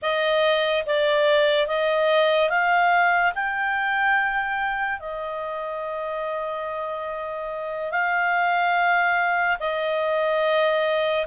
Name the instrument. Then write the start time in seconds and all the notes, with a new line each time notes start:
clarinet
0.02 D#5
0.86 D5
1.67 D#5
2.49 F5
3.34 G5
4.99 D#5
7.91 F5
9.59 D#5